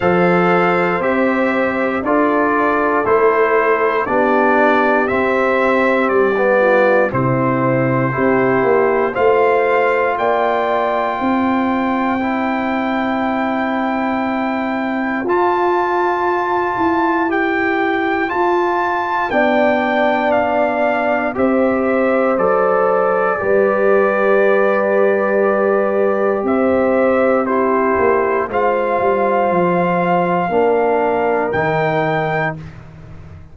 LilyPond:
<<
  \new Staff \with { instrumentName = "trumpet" } { \time 4/4 \tempo 4 = 59 f''4 e''4 d''4 c''4 | d''4 e''4 d''4 c''4~ | c''4 f''4 g''2~ | g''2. a''4~ |
a''4 g''4 a''4 g''4 | f''4 e''4 d''2~ | d''2 e''4 c''4 | f''2. g''4 | }
  \new Staff \with { instrumentName = "horn" } { \time 4/4 c''2 a'2 | g'2~ g'8 f'8 e'4 | g'4 c''4 d''4 c''4~ | c''1~ |
c''2. d''4~ | d''4 c''2 b'4~ | b'2 c''4 g'4 | c''2 ais'2 | }
  \new Staff \with { instrumentName = "trombone" } { \time 4/4 a'4 g'4 f'4 e'4 | d'4 c'4~ c'16 b8. c'4 | e'4 f'2. | e'2. f'4~ |
f'4 g'4 f'4 d'4~ | d'4 g'4 a'4 g'4~ | g'2. e'4 | f'2 d'4 dis'4 | }
  \new Staff \with { instrumentName = "tuba" } { \time 4/4 f4 c'4 d'4 a4 | b4 c'4 g4 c4 | c'8 ais8 a4 ais4 c'4~ | c'2. f'4~ |
f'8 e'4. f'4 b4~ | b4 c'4 fis4 g4~ | g2 c'4. ais8 | gis8 g8 f4 ais4 dis4 | }
>>